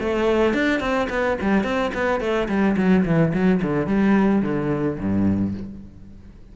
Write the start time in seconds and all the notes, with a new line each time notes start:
0.00 A3
0.54 D4
0.80 C4
1.10 B3
1.41 G3
1.64 C4
1.94 B3
2.20 A3
2.48 G3
2.77 F#3
3.05 E3
3.34 F#3
3.63 D3
3.87 G3
4.42 D3
4.99 G2